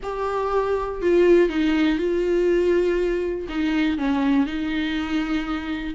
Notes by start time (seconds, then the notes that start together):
0.02 G4
1.01 F4
1.49 D#4
1.98 F4
3.48 D#4
3.97 C#4
4.46 D#4